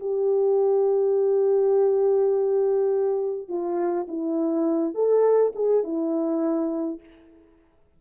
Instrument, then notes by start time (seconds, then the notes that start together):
horn
0.00 G4
3.49 F4
4.08 E4
4.95 A4
5.55 G#4
5.84 E4